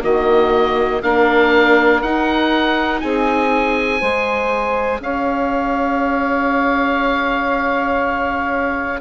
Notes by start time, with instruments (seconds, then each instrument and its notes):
0.00 bassoon D#3, viola A#3, saxophone F#4, oboe D#5
1.02 bassoon A#3, viola D4, saxophone A#4, oboe F5
2.01 bassoon D#4, viola D#4, oboe F#5
3.00 bassoon C4, saxophone G#4, oboe G#5
3.99 bassoon G#3, viola G#4, saxophone C5
5.00 bassoon C#4, saxophone C#5, oboe F5